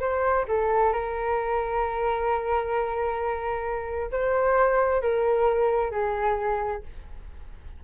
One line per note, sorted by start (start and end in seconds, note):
0.00 0.45 C5
0.48 0.93 A4
0.93 4.11 A#4
4.12 5.02 C5
5.02 5.92 A#4
5.92 6.82 G#4